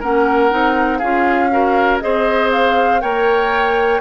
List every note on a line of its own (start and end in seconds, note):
0.00 0.52 A#3
0.00 0.50 C#4
0.00 0.98 A#4
0.00 0.99 F#5
0.50 1.02 C4
0.50 1.00 D#4
0.98 2.02 C#4
0.98 1.51 F4
0.98 1.48 G#4
0.98 1.99 F5
1.51 2.01 F#4
1.51 2.03 A#4
2.00 3.03 C4
2.00 3.01 G#4
2.00 3.02 C5
2.00 2.50 D#5
2.52 3.01 F5
3.01 4.01 A#3
3.01 4.01 A#4
3.01 4.01 C#5
3.01 4.01 G5